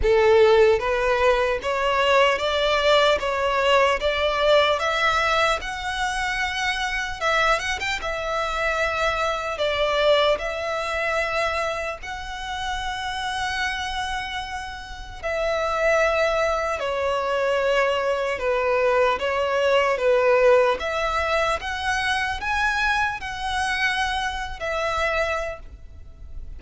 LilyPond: \new Staff \with { instrumentName = "violin" } { \time 4/4 \tempo 4 = 75 a'4 b'4 cis''4 d''4 | cis''4 d''4 e''4 fis''4~ | fis''4 e''8 fis''16 g''16 e''2 | d''4 e''2 fis''4~ |
fis''2. e''4~ | e''4 cis''2 b'4 | cis''4 b'4 e''4 fis''4 | gis''4 fis''4.~ fis''16 e''4~ e''16 | }